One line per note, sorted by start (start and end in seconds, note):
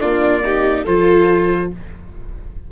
0.00 0.86 A#3
0.00 0.42 D4
0.00 0.43 F4
0.00 0.85 D5
0.43 0.85 D#4
0.43 0.83 G4
0.83 1.71 F3
0.83 1.71 F4
0.83 1.68 A4
0.83 1.71 C5